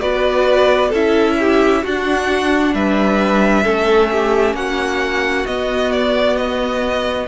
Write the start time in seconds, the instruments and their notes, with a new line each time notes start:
0.00 cello B3, viola F#4, violin B4 D5
0.89 cello C#4, viola E4, violin A4 E5
1.39 violin G4
1.83 cello D4, viola D4, violin F#4 F#5
2.74 cello G3, violin B4 E5
3.64 cello A3, viola C#4, violin A4
4.11 violin G4
4.54 cello A#3, violin F#4 F#5
5.46 cello B3, viola B3, violin D#5
5.91 violin D5
6.36 violin D#5